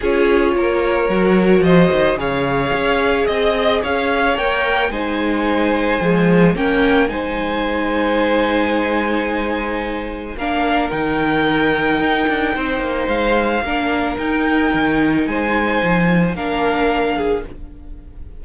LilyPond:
<<
  \new Staff \with { instrumentName = "violin" } { \time 4/4 \tempo 4 = 110 cis''2. dis''4 | f''2 dis''4 f''4 | g''4 gis''2. | g''4 gis''2.~ |
gis''2. f''4 | g''1 | f''2 g''2 | gis''2 f''2 | }
  \new Staff \with { instrumentName = "violin" } { \time 4/4 gis'4 ais'2 c''4 | cis''2 dis''4 cis''4~ | cis''4 c''2. | ais'4 c''2.~ |
c''2. ais'4~ | ais'2. c''4~ | c''4 ais'2. | c''2 ais'4. gis'8 | }
  \new Staff \with { instrumentName = "viola" } { \time 4/4 f'2 fis'2 | gis'1 | ais'4 dis'2 gis4 | cis'4 dis'2.~ |
dis'2. d'4 | dis'1~ | dis'4 d'4 dis'2~ | dis'2 d'2 | }
  \new Staff \with { instrumentName = "cello" } { \time 4/4 cis'4 ais4 fis4 f8 dis8 | cis4 cis'4 c'4 cis'4 | ais4 gis2 f4 | ais4 gis2.~ |
gis2. ais4 | dis2 dis'8 d'8 c'8 ais8 | gis4 ais4 dis'4 dis4 | gis4 f4 ais2 | }
>>